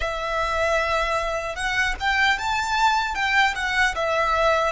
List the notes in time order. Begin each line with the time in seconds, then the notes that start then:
0.00 E5
1.55 F#5
2.00 G5
2.38 A5
3.14 G5
3.55 F#5
3.95 E5